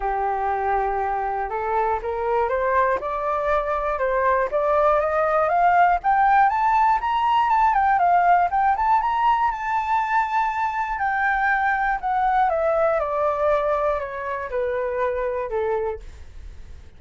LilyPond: \new Staff \with { instrumentName = "flute" } { \time 4/4 \tempo 4 = 120 g'2. a'4 | ais'4 c''4 d''2 | c''4 d''4 dis''4 f''4 | g''4 a''4 ais''4 a''8 g''8 |
f''4 g''8 a''8 ais''4 a''4~ | a''2 g''2 | fis''4 e''4 d''2 | cis''4 b'2 a'4 | }